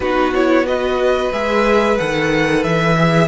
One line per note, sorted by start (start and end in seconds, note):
0.00 1.31 B3
0.00 0.35 D#4
0.00 0.66 F#4
0.00 0.33 B4
0.34 0.65 E4
0.34 0.66 C#5
0.65 1.31 F#4
0.65 2.96 B4
0.65 1.32 D#5
1.32 1.98 G#3
1.32 1.98 G#4
1.32 1.97 E5
1.97 2.64 D#3
1.97 2.97 A4
1.97 2.63 F#5
2.63 3.27 E3
2.63 3.27 E5
2.96 3.27 G#4
2.96 3.27 E5